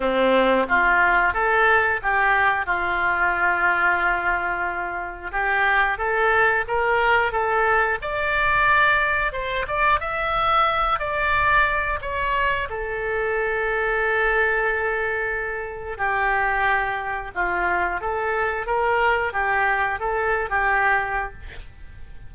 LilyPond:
\new Staff \with { instrumentName = "oboe" } { \time 4/4 \tempo 4 = 90 c'4 f'4 a'4 g'4 | f'1 | g'4 a'4 ais'4 a'4 | d''2 c''8 d''8 e''4~ |
e''8 d''4. cis''4 a'4~ | a'1 | g'2 f'4 a'4 | ais'4 g'4 a'8. g'4~ g'16 | }